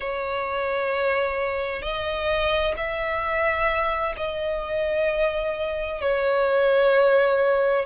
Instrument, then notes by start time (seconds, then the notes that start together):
violin
0.00 C#5
1.82 D#5
2.77 E5
4.16 D#5
6.01 C#5